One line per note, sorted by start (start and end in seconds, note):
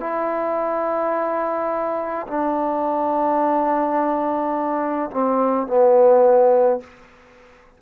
0.00 2.26 E4
2.27 5.10 D4
5.10 5.67 C4
5.67 6.80 B3